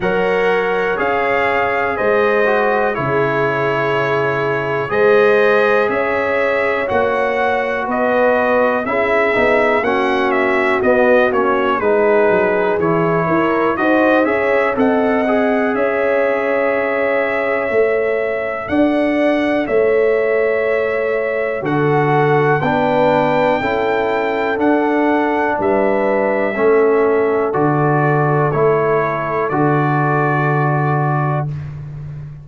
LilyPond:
<<
  \new Staff \with { instrumentName = "trumpet" } { \time 4/4 \tempo 4 = 61 fis''4 f''4 dis''4 cis''4~ | cis''4 dis''4 e''4 fis''4 | dis''4 e''4 fis''8 e''8 dis''8 cis''8 | b'4 cis''4 dis''8 e''8 fis''4 |
e''2. fis''4 | e''2 fis''4 g''4~ | g''4 fis''4 e''2 | d''4 cis''4 d''2 | }
  \new Staff \with { instrumentName = "horn" } { \time 4/4 cis''2 c''4 gis'4~ | gis'4 c''4 cis''2 | b'4 gis'4 fis'2 | gis'4. ais'8 c''8 cis''8 dis''4 |
cis''2. d''4 | cis''2 a'4 b'4 | a'2 b'4 a'4~ | a'1 | }
  \new Staff \with { instrumentName = "trombone" } { \time 4/4 ais'4 gis'4. fis'8 e'4~ | e'4 gis'2 fis'4~ | fis'4 e'8 dis'8 cis'4 b8 cis'8 | dis'4 e'4 fis'8 gis'8 a'8 gis'8~ |
gis'2 a'2~ | a'2 fis'4 d'4 | e'4 d'2 cis'4 | fis'4 e'4 fis'2 | }
  \new Staff \with { instrumentName = "tuba" } { \time 4/4 fis4 cis'4 gis4 cis4~ | cis4 gis4 cis'4 ais4 | b4 cis'8 b8 ais4 b8 ais8 | gis8 fis8 e8 e'8 dis'8 cis'8 c'4 |
cis'2 a4 d'4 | a2 d4 b4 | cis'4 d'4 g4 a4 | d4 a4 d2 | }
>>